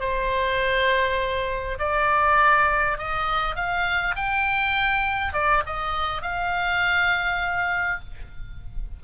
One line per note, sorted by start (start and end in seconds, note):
0.00 1.78 C5
1.79 2.98 D5
2.98 3.56 D#5
3.56 4.15 F5
4.16 5.33 G5
5.33 5.63 D5
5.66 6.22 D#5
6.22 8.00 F5